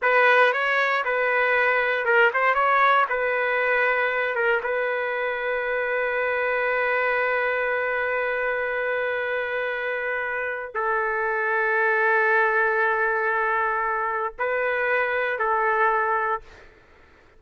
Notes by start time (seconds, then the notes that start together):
0.02 B4
0.52 C#5
1.04 B4
2.05 A#4
2.33 C5
2.54 C#5
3.09 B4
4.35 A#4
4.63 B4
10.74 A4
14.38 B4
15.38 A4